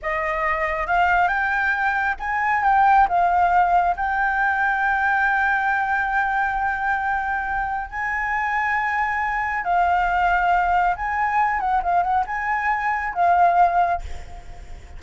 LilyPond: \new Staff \with { instrumentName = "flute" } { \time 4/4 \tempo 4 = 137 dis''2 f''4 g''4~ | g''4 gis''4 g''4 f''4~ | f''4 g''2.~ | g''1~ |
g''2 gis''2~ | gis''2 f''2~ | f''4 gis''4. fis''8 f''8 fis''8 | gis''2 f''2 | }